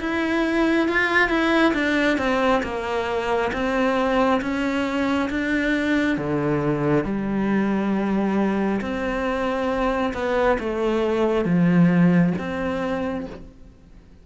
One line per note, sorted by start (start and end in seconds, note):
0.00 0.88 E4
0.88 1.29 F4
1.29 1.73 E4
1.74 2.18 D4
2.18 2.62 C4
2.64 3.52 A#3
3.53 4.41 C4
4.42 5.30 C#4
5.30 6.17 D4
6.17 7.04 D3
7.04 8.81 G3
8.81 10.14 C4
10.14 10.58 B3
10.60 11.45 A3
11.45 12.33 F3
12.38 13.26 C4